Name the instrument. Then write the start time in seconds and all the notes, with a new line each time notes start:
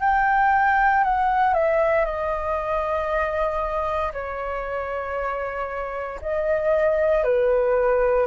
flute
0.00 G5
1.04 F#5
1.54 E5
2.05 D#5
4.13 C#5
6.22 D#5
7.24 B4